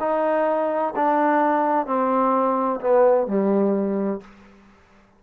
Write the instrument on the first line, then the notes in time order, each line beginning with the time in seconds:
trombone
0.00 D#4
0.96 D4
1.86 C4
2.80 B3
3.27 G3